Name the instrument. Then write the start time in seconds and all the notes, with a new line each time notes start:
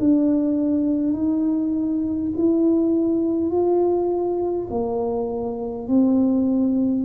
tuba
0.00 D4
1.13 D#4
2.37 E4
3.51 F4
4.70 A#3
5.88 C4